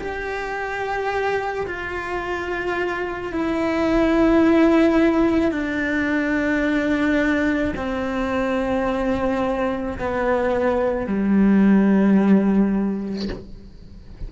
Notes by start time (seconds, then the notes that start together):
0.00 G4
1.67 F4
3.33 E4
5.52 D4
7.76 C4
9.99 B3
11.07 G3